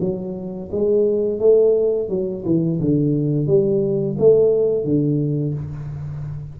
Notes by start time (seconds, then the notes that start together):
0.00 F#3
0.71 G#3
1.39 A3
2.09 F#3
2.45 E3
2.80 D3
3.47 G3
4.18 A3
4.84 D3